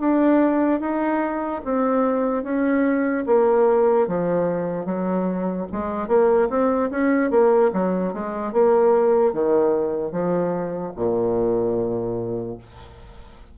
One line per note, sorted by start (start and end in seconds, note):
0.00 0.80 D4
0.80 1.61 D#4
1.65 2.44 C4
2.44 3.25 C#4
3.27 4.08 A#3
4.08 4.86 F3
4.86 5.67 F#3
5.72 6.08 G#3
6.08 6.49 A#3
6.50 6.90 C4
6.91 7.31 C#4
7.31 7.71 A#3
7.73 8.14 F#3
8.14 8.53 G#3
8.53 9.33 A#3
9.33 10.12 D#3
10.12 10.93 F3
10.96 12.58 A#2